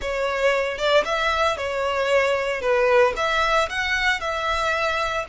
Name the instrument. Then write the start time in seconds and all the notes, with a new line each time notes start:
violin
0.01 C#5
0.78 D5
1.05 E5
1.57 C#5
2.61 B4
3.16 E5
3.69 F#5
4.20 E5